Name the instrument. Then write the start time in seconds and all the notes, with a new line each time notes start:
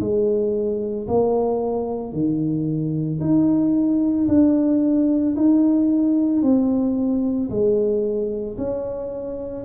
tuba
0.00 G#3
1.07 A#3
2.12 D#3
3.20 D#4
4.28 D4
5.36 D#4
6.42 C4
7.50 G#3
8.57 C#4